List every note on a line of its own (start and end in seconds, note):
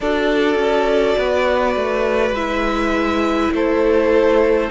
0.00 0.55 D4
0.00 2.35 F#4
0.00 1.18 A4
0.00 2.35 D5
0.55 1.14 C#4
1.18 1.75 B3
1.18 3.53 B4
1.75 2.30 A3
2.30 3.48 G#3
2.30 4.70 E4
2.30 3.52 E5
3.52 4.69 A3
3.52 4.70 A4
3.52 4.70 C5